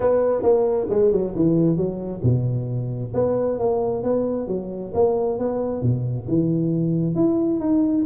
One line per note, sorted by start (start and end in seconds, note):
0.00 0.42 B3
0.42 0.87 A#3
0.89 1.12 G#3
1.12 1.34 F#3
1.35 1.76 E3
1.76 2.21 F#3
2.23 3.12 B2
3.14 3.58 B3
3.58 4.03 A#3
4.03 4.47 B3
4.47 4.92 F#3
4.94 5.38 A#3
5.38 5.81 B3
5.81 6.26 B2
6.27 7.15 E3
7.15 7.60 E4
7.60 8.04 D#4